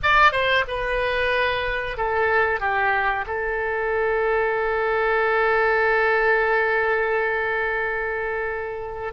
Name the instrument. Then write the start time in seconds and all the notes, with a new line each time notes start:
oboe
0.03 D5
0.31 C5
0.67 B4
1.97 A4
2.60 G4
3.26 A4